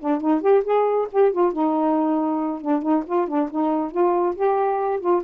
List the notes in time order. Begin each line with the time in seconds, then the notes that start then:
0.00 D4
0.21 D#4
0.42 G4
0.65 G#4
1.12 G4
1.32 F4
1.53 D#4
2.62 D4
2.82 D#4
3.07 F4
3.28 D4
3.51 D#4
3.92 F4
4.36 G4
5.01 F4